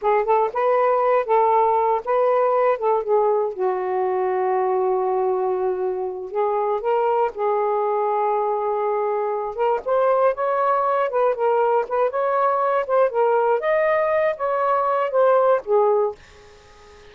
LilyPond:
\new Staff \with { instrumentName = "saxophone" } { \time 4/4 \tempo 4 = 119 gis'8 a'8 b'4. a'4. | b'4. a'8 gis'4 fis'4~ | fis'1~ | fis'8 gis'4 ais'4 gis'4.~ |
gis'2. ais'8 c''8~ | c''8 cis''4. b'8 ais'4 b'8 | cis''4. c''8 ais'4 dis''4~ | dis''8 cis''4. c''4 gis'4 | }